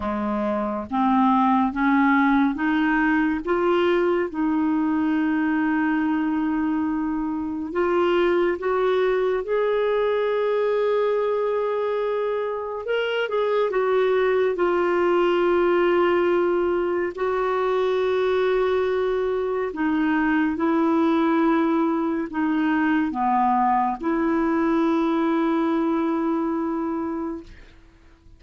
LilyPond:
\new Staff \with { instrumentName = "clarinet" } { \time 4/4 \tempo 4 = 70 gis4 c'4 cis'4 dis'4 | f'4 dis'2.~ | dis'4 f'4 fis'4 gis'4~ | gis'2. ais'8 gis'8 |
fis'4 f'2. | fis'2. dis'4 | e'2 dis'4 b4 | e'1 | }